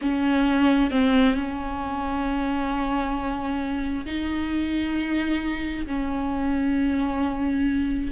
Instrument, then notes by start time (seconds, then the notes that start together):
viola
0.01 C#4
0.90 C4
1.34 C#4
4.05 D#4
5.86 C#4